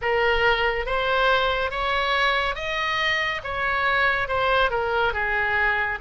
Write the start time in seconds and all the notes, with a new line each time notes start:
0.01 A#4
0.86 C5
1.71 C#5
2.55 D#5
3.43 C#5
4.28 C5
4.70 A#4
5.13 G#4